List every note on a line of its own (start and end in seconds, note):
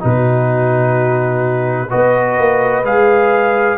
0.00 1.92 B2
0.00 1.88 D#4
0.00 1.91 B4
0.08 1.90 F#4
1.90 2.38 B3
1.90 2.84 F#4
1.90 3.77 B4
1.90 2.84 D#5
2.38 2.83 A#3
2.83 3.77 G#3
2.83 3.78 G#4
2.83 3.78 F5